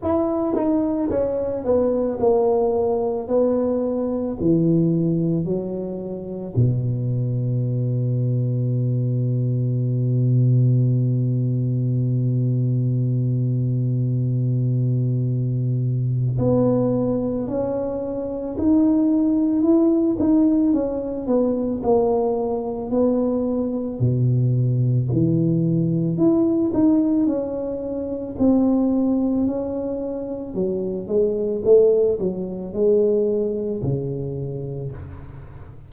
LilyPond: \new Staff \with { instrumentName = "tuba" } { \time 4/4 \tempo 4 = 55 e'8 dis'8 cis'8 b8 ais4 b4 | e4 fis4 b,2~ | b,1~ | b,2. b4 |
cis'4 dis'4 e'8 dis'8 cis'8 b8 | ais4 b4 b,4 e4 | e'8 dis'8 cis'4 c'4 cis'4 | fis8 gis8 a8 fis8 gis4 cis4 | }